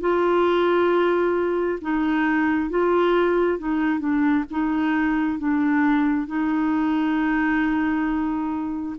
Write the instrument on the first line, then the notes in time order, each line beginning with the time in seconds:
clarinet
0.00 F4
1.82 D#4
2.70 F4
3.58 D#4
3.99 D4
4.51 D#4
5.39 D4
6.27 D#4